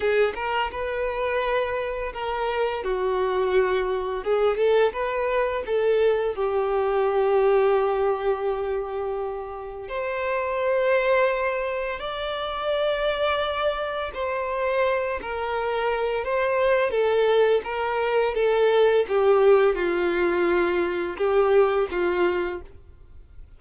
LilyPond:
\new Staff \with { instrumentName = "violin" } { \time 4/4 \tempo 4 = 85 gis'8 ais'8 b'2 ais'4 | fis'2 gis'8 a'8 b'4 | a'4 g'2.~ | g'2 c''2~ |
c''4 d''2. | c''4. ais'4. c''4 | a'4 ais'4 a'4 g'4 | f'2 g'4 f'4 | }